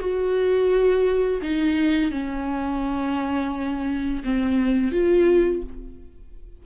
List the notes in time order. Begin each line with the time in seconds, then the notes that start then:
0.00 F#4
1.42 D#4
2.11 C#4
4.24 C4
4.92 F4